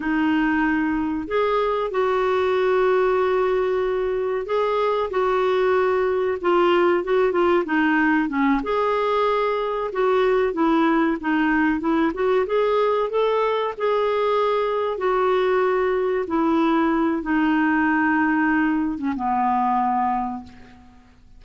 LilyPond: \new Staff \with { instrumentName = "clarinet" } { \time 4/4 \tempo 4 = 94 dis'2 gis'4 fis'4~ | fis'2. gis'4 | fis'2 f'4 fis'8 f'8 | dis'4 cis'8 gis'2 fis'8~ |
fis'8 e'4 dis'4 e'8 fis'8 gis'8~ | gis'8 a'4 gis'2 fis'8~ | fis'4. e'4. dis'4~ | dis'4.~ dis'16 cis'16 b2 | }